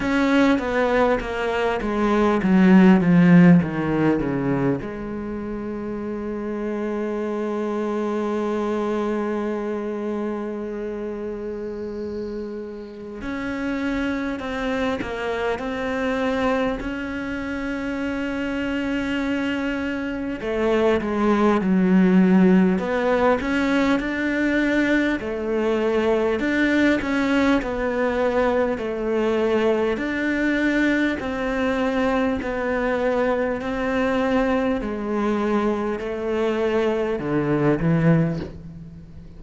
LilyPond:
\new Staff \with { instrumentName = "cello" } { \time 4/4 \tempo 4 = 50 cis'8 b8 ais8 gis8 fis8 f8 dis8 cis8 | gis1~ | gis2. cis'4 | c'8 ais8 c'4 cis'2~ |
cis'4 a8 gis8 fis4 b8 cis'8 | d'4 a4 d'8 cis'8 b4 | a4 d'4 c'4 b4 | c'4 gis4 a4 d8 e8 | }